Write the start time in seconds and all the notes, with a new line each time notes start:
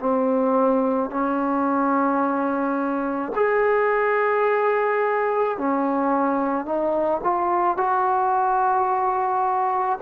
0.00 C4
1.11 C#4
3.36 G#4
5.59 C#4
6.66 D#4
7.24 F4
7.77 F#4